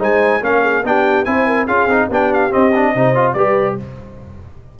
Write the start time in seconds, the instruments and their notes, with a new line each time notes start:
0.00 tuba G#3, trombone D#4, horn C5, trumpet G#5
0.42 tuba A#3, trombone C#4, horn A#4, trumpet F5
0.62 horn G#4
0.84 tuba B3, trombone D4, horn G4, trumpet G5
1.25 tuba C4, trombone E4, horn C5, trumpet G#5
1.47 horn A#4
1.66 tuba C#4, trombone F4, horn G#4, trumpet F5
1.87 tuba C4, trombone D#4
2.09 tuba B3, trombone D4, horn G4, trumpet G5
2.34 trumpet F5
2.51 trombone C4, tuba C4, trumpet D#5
2.75 trombone D4
2.95 tuba C3, trombone D#4, horn C5
3.16 trombone F4
3.33 tuba G3, trombone G4, horn B4, trumpet D5